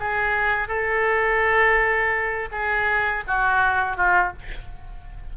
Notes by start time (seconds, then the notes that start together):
0.00 G#4
0.69 A4
2.52 G#4
3.28 F#4
3.97 F4